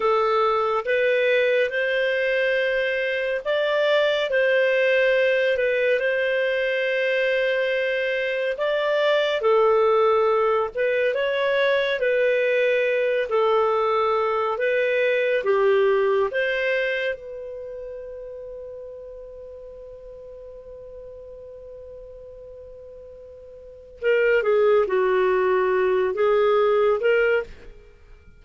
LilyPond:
\new Staff \with { instrumentName = "clarinet" } { \time 4/4 \tempo 4 = 70 a'4 b'4 c''2 | d''4 c''4. b'8 c''4~ | c''2 d''4 a'4~ | a'8 b'8 cis''4 b'4. a'8~ |
a'4 b'4 g'4 c''4 | b'1~ | b'1 | ais'8 gis'8 fis'4. gis'4 ais'8 | }